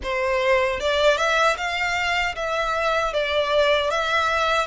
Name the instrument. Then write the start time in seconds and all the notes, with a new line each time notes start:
violin
0.03 C5
0.80 D5
1.17 E5
1.57 F5
2.35 E5
3.13 D5
3.90 E5